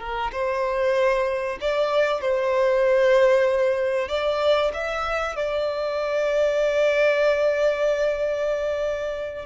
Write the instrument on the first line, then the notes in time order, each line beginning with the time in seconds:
violin
0.00 A#4
0.32 C5
1.61 D5
2.21 C5
4.09 D5
4.74 E5
5.36 D5